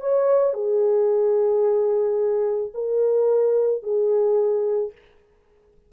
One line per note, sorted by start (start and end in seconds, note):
0.00 0.53 C#5
0.53 2.71 G#4
2.74 3.83 A#4
3.83 4.92 G#4